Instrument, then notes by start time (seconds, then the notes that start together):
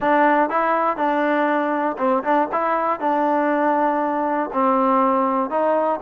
trombone
0.00 D4
0.49 E4
0.96 D4
1.98 C4
2.23 D4
2.51 E4
3.00 D4
4.52 C4
5.50 D#4